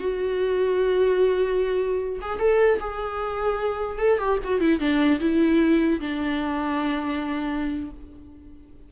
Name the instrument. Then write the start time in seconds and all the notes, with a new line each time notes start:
viola
0.00 F#4
2.21 G#4
2.39 A4
2.80 G#4
3.99 A4
4.19 G4
4.44 F#4
4.61 E4
4.80 D4
5.20 E4
6.01 D4